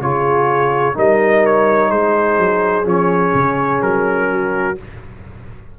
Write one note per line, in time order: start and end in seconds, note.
0.00 0.95 C#3
0.00 0.94 F4
0.00 0.95 G#4
0.00 0.96 C#5
0.94 1.91 G3
0.94 2.85 D#4
0.94 1.89 A#4
0.94 1.45 D#5
1.45 1.90 C#5
1.89 2.38 G#3
1.89 4.27 G#4
1.89 2.86 C5
2.38 2.85 F#3
2.85 3.33 F3
2.85 4.75 C#4
2.85 3.82 C#5
3.34 3.82 C#3
3.82 4.77 F#3
3.82 4.77 A#4
4.31 4.79 F#4